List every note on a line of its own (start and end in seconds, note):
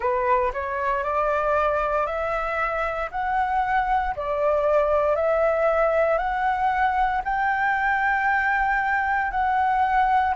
0.00 0.52 B4
0.53 1.03 C#5
1.03 2.06 D5
2.06 3.09 E5
3.11 4.14 F#5
4.16 5.15 D5
5.15 6.18 E5
6.18 7.21 F#5
7.24 9.31 G5
9.31 10.34 F#5